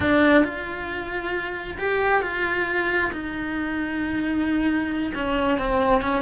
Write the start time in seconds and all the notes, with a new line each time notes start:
0.00 D4
0.44 F4
1.78 G4
2.22 F4
3.12 D#4
5.14 C#4
5.58 C4
6.01 C#4